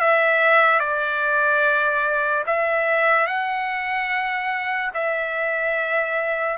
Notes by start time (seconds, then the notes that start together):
0.00 E5
0.80 D5
2.47 E5
3.27 F#5
4.94 E5